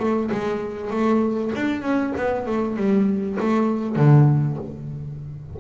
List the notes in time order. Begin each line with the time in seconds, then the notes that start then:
0.00 A3
0.32 G#3
0.91 A3
1.55 D4
1.82 C#4
2.17 B3
2.47 A3
2.77 G3
3.40 A3
3.96 D3